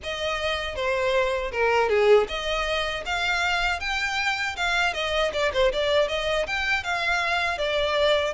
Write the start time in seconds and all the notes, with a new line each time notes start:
0.03 D#5
0.75 C5
1.52 A#4
1.89 G#4
2.28 D#5
3.05 F5
3.80 G5
4.56 F5
4.93 D#5
5.33 D5
5.53 C5
5.72 D5
6.08 D#5
6.46 G5
6.83 F5
7.57 D5